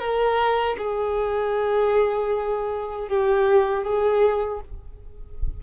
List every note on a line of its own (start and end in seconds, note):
0.00 0.77 A#4
0.78 3.08 G#4
3.08 3.84 G4
3.84 4.60 G#4